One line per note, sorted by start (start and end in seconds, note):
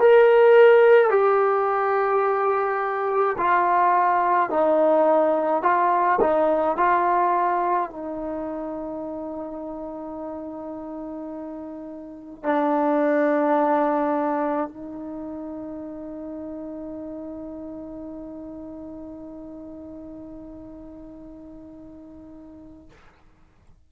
0.00 1.11 A#4
1.11 3.37 G4
3.38 4.50 F4
4.50 5.63 D#4
5.63 6.20 F4
6.21 6.77 D#4
6.77 7.90 F4
7.90 12.43 D#4
12.43 14.69 D4
14.69 22.89 D#4